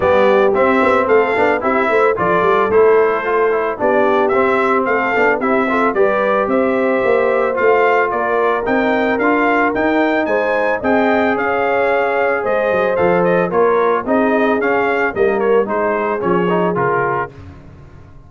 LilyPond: <<
  \new Staff \with { instrumentName = "trumpet" } { \time 4/4 \tempo 4 = 111 d''4 e''4 f''4 e''4 | d''4 c''2 d''4 | e''4 f''4 e''4 d''4 | e''2 f''4 d''4 |
g''4 f''4 g''4 gis''4 | g''4 f''2 dis''4 | f''8 dis''8 cis''4 dis''4 f''4 | dis''8 cis''8 c''4 cis''4 ais'4 | }
  \new Staff \with { instrumentName = "horn" } { \time 4/4 g'2 a'4 g'8 c''8 | a'2. g'4~ | g'4 a'4 g'8 a'8 b'4 | c''2. ais'4~ |
ais'2. c''4 | dis''4 cis''2 c''4~ | c''4 ais'4 gis'2 | ais'4 gis'2. | }
  \new Staff \with { instrumentName = "trombone" } { \time 4/4 b4 c'4. d'8 e'4 | f'4 e'4 f'8 e'8 d'4 | c'4. d'8 e'8 f'8 g'4~ | g'2 f'2 |
dis'4 f'4 dis'2 | gis'1 | a'4 f'4 dis'4 cis'4 | ais4 dis'4 cis'8 dis'8 f'4 | }
  \new Staff \with { instrumentName = "tuba" } { \time 4/4 g4 c'8 b8 a8 b8 c'8 a8 | f8 g8 a2 b4 | c'4 a8 b8 c'4 g4 | c'4 ais4 a4 ais4 |
c'4 d'4 dis'4 gis4 | c'4 cis'2 gis8 fis8 | f4 ais4 c'4 cis'4 | g4 gis4 f4 cis4 | }
>>